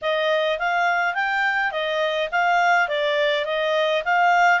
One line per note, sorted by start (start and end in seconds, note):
0.01 0.58 D#5
0.58 1.14 F5
1.14 1.71 G5
1.71 2.29 D#5
2.31 2.88 F5
2.88 3.45 D5
3.45 4.03 D#5
4.04 4.60 F5